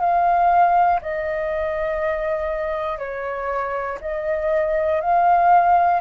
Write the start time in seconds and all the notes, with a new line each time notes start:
0.00 F5
1.01 D#5
2.98 C#5
4.00 D#5
5.00 F5